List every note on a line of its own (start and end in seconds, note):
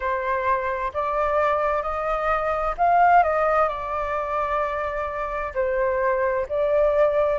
0.00 0.92 C5
0.93 1.82 D5
1.82 2.74 D#5
2.77 3.23 F5
3.23 3.68 D#5
3.68 5.53 D5
5.54 6.46 C5
6.49 7.39 D5